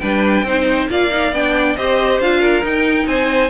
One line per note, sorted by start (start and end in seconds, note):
0.00 0.43 G3
0.00 0.46 D4
0.00 0.45 B4
0.00 0.88 G5
0.43 0.87 C4
0.43 0.90 D#4
0.43 0.90 C5
0.90 1.32 A#3
0.90 1.11 F4
0.90 1.78 D5
0.90 1.35 F5
1.11 1.33 D#4
1.32 1.76 B3
1.32 1.78 D4
1.32 1.77 G5
1.77 2.20 C4
1.77 2.22 G4
1.77 2.40 C5
1.77 2.21 D#5
2.20 2.64 D4
2.20 2.63 F4
2.20 2.65 F5
2.40 3.06 A#4
2.63 3.50 D#4
2.63 3.07 D#4
2.63 3.07 G5
3.07 3.50 C4
3.07 3.50 C5
3.07 3.50 G#5